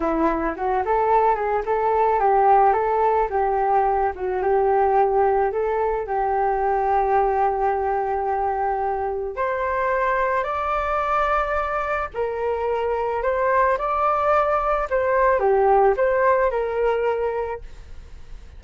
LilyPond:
\new Staff \with { instrumentName = "flute" } { \time 4/4 \tempo 4 = 109 e'4 fis'8 a'4 gis'8 a'4 | g'4 a'4 g'4. fis'8 | g'2 a'4 g'4~ | g'1~ |
g'4 c''2 d''4~ | d''2 ais'2 | c''4 d''2 c''4 | g'4 c''4 ais'2 | }